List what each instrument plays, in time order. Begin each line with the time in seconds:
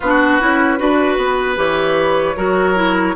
0.00 bassoon B3, clarinet D4, oboe F#4, flute B4
0.40 bassoon C#4, clarinet E4
0.78 bassoon D4, clarinet F#4, oboe B4
1.17 bassoon B3
1.56 bassoon E3, clarinet G4, flute C#5
2.36 bassoon F#3, clarinet F#4, oboe A#4
2.75 clarinet E4